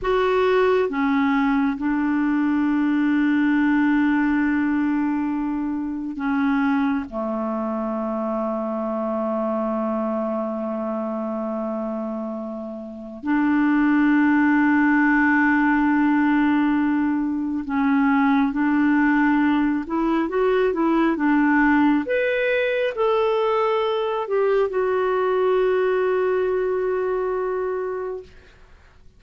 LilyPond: \new Staff \with { instrumentName = "clarinet" } { \time 4/4 \tempo 4 = 68 fis'4 cis'4 d'2~ | d'2. cis'4 | a1~ | a2. d'4~ |
d'1 | cis'4 d'4. e'8 fis'8 e'8 | d'4 b'4 a'4. g'8 | fis'1 | }